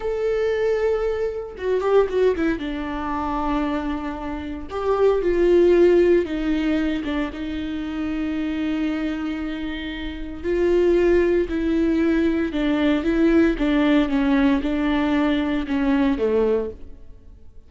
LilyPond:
\new Staff \with { instrumentName = "viola" } { \time 4/4 \tempo 4 = 115 a'2. fis'8 g'8 | fis'8 e'8 d'2.~ | d'4 g'4 f'2 | dis'4. d'8 dis'2~ |
dis'1 | f'2 e'2 | d'4 e'4 d'4 cis'4 | d'2 cis'4 a4 | }